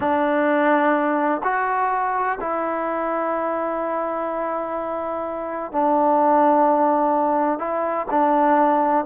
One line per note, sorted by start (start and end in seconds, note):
0.00 1.41 D4
1.43 2.38 F#4
2.40 5.71 E4
5.71 7.58 D4
7.58 8.06 E4
8.10 9.05 D4